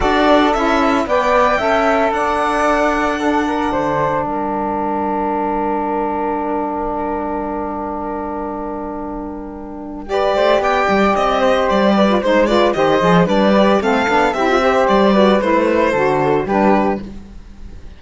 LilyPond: <<
  \new Staff \with { instrumentName = "violin" } { \time 4/4 \tempo 4 = 113 d''4 e''4 g''2 | fis''1 | g''1~ | g''1~ |
g''2. d''4 | g''4 dis''4 d''4 c''8 d''8 | dis''4 d''4 f''4 e''4 | d''4 c''2 b'4 | }
  \new Staff \with { instrumentName = "flute" } { \time 4/4 a'2 d''4 e''4 | d''2 a'8 ais'8 c''4 | ais'1~ | ais'1~ |
ais'2. b'8 c''8 | d''4. c''4 b'8 c''8 b'8 | c''4 b'4 a'4 g'8 c''8~ | c''8 b'4. a'4 g'4 | }
  \new Staff \with { instrumentName = "saxophone" } { \time 4/4 fis'4 e'4 b'4 a'4~ | a'2 d'2~ | d'1~ | d'1~ |
d'2. g'4~ | g'2~ g'8. f'16 dis'8 f'8 | g'8 gis'8 d'8 g'8 c'8 d'8 e'16 f'16 g'8~ | g'8 fis'8 e'4 fis'4 d'4 | }
  \new Staff \with { instrumentName = "cello" } { \time 4/4 d'4 cis'4 b4 cis'4 | d'2. d4 | g1~ | g1~ |
g2.~ g8 a8 | b8 g8 c'4 g4 gis4 | dis8 f8 g4 a8 b8 c'4 | g4 a4 d4 g4 | }
>>